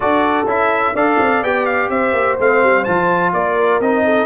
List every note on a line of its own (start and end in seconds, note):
0.00 0.44 D4
0.00 0.46 F#4
0.00 0.95 A4
0.00 0.48 D5
0.44 0.92 C#4
0.44 0.95 E4
0.44 0.96 E5
0.94 1.18 D4
0.94 1.43 A4
0.94 1.90 D5
0.94 1.43 F5
1.19 1.42 C4
1.42 1.89 B3
1.42 2.38 G4
1.42 1.65 G5
1.65 1.89 F5
1.89 2.13 C4
1.89 3.33 C5
1.89 2.37 E5
2.13 2.37 A#3
2.38 2.62 A3
2.38 2.86 C4
2.38 2.84 F5
2.62 2.86 G3
2.84 3.33 F3
2.84 3.82 F4
2.84 3.32 A5
3.33 3.80 A#3
3.33 4.04 A#4
3.33 3.80 D5
3.80 4.26 C4
3.80 4.26 D#4
3.80 4.26 D#5
4.04 4.26 A4